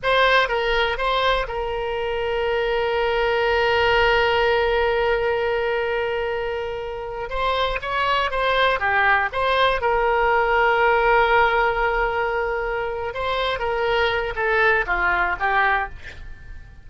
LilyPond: \new Staff \with { instrumentName = "oboe" } { \time 4/4 \tempo 4 = 121 c''4 ais'4 c''4 ais'4~ | ais'1~ | ais'1~ | ais'2~ ais'8. c''4 cis''16~ |
cis''8. c''4 g'4 c''4 ais'16~ | ais'1~ | ais'2~ ais'8 c''4 ais'8~ | ais'4 a'4 f'4 g'4 | }